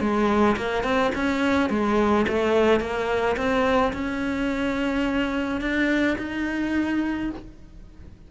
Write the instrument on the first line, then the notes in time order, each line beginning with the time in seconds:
cello
0.00 G#3
0.56 A#3
0.83 C4
1.15 C#4
1.69 G#3
2.28 A3
2.80 A#3
3.37 C4
3.93 C#4
5.61 D4
6.18 D#4